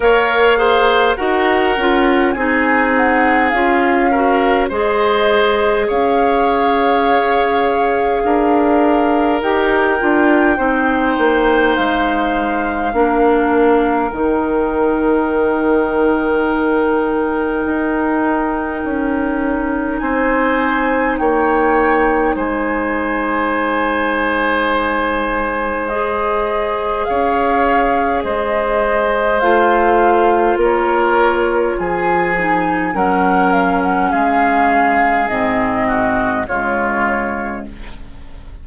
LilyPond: <<
  \new Staff \with { instrumentName = "flute" } { \time 4/4 \tempo 4 = 51 f''4 fis''4 gis''8 fis''8 f''4 | dis''4 f''2. | g''2 f''2 | g''1~ |
g''4 gis''4 g''4 gis''4~ | gis''2 dis''4 f''4 | dis''4 f''4 cis''4 gis''4 | fis''8 f''16 fis''16 f''4 dis''4 cis''4 | }
  \new Staff \with { instrumentName = "oboe" } { \time 4/4 cis''8 c''8 ais'4 gis'4. ais'8 | c''4 cis''2 ais'4~ | ais'4 c''2 ais'4~ | ais'1~ |
ais'4 c''4 cis''4 c''4~ | c''2. cis''4 | c''2 ais'4 gis'4 | ais'4 gis'4. fis'8 f'4 | }
  \new Staff \with { instrumentName = "clarinet" } { \time 4/4 ais'8 gis'8 fis'8 f'8 dis'4 f'8 fis'8 | gis'1 | g'8 f'8 dis'2 d'4 | dis'1~ |
dis'1~ | dis'2 gis'2~ | gis'4 f'2~ f'8 dis'8 | cis'2 c'4 gis4 | }
  \new Staff \with { instrumentName = "bassoon" } { \time 4/4 ais4 dis'8 cis'8 c'4 cis'4 | gis4 cis'2 d'4 | dis'8 d'8 c'8 ais8 gis4 ais4 | dis2. dis'4 |
cis'4 c'4 ais4 gis4~ | gis2. cis'4 | gis4 a4 ais4 f4 | fis4 gis4 gis,4 cis4 | }
>>